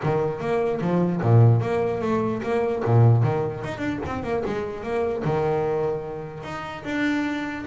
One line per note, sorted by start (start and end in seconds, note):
0.03 0.40 D#3
0.40 0.80 A#3
0.81 1.21 F3
1.21 1.61 A#2
1.61 2.01 A#3
2.01 2.41 A3
2.43 2.83 A#3
2.85 3.23 A#2
3.23 3.63 D#3
3.64 3.78 D#4
3.78 3.98 D4
4.05 4.23 C4
4.23 4.43 A#3
4.45 4.83 G#3
4.83 5.23 A#3
5.24 6.43 D#3
6.43 6.83 D#4
6.84 7.65 D4